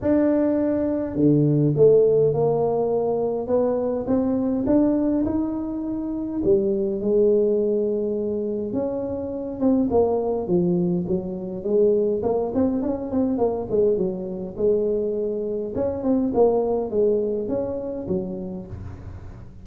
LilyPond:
\new Staff \with { instrumentName = "tuba" } { \time 4/4 \tempo 4 = 103 d'2 d4 a4 | ais2 b4 c'4 | d'4 dis'2 g4 | gis2. cis'4~ |
cis'8 c'8 ais4 f4 fis4 | gis4 ais8 c'8 cis'8 c'8 ais8 gis8 | fis4 gis2 cis'8 c'8 | ais4 gis4 cis'4 fis4 | }